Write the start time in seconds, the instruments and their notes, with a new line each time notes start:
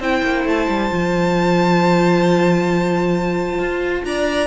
0.00 cello C4, viola E4, violin C5 G5
0.23 cello A#3
0.45 cello A3, violin A5
0.68 cello G3
0.91 cello F3, viola F4
3.59 cello F4
4.05 cello D4, violin D5 A#5